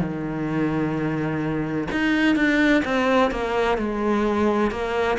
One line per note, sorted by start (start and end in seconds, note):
0.00 1.87 D#3
1.91 2.36 D#4
2.36 2.83 D4
2.84 3.31 C4
3.31 3.78 A#3
3.78 4.71 G#3
4.71 5.18 A#3